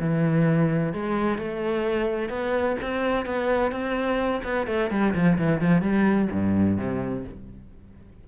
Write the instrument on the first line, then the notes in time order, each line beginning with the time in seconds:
cello
0.00 E3
0.94 G#3
1.38 A3
2.30 B3
2.82 C4
3.26 B3
3.72 C4
4.44 B3
4.67 A3
4.91 G3
5.15 F3
5.38 E3
5.61 F3
5.82 G3
6.32 G2
6.78 C3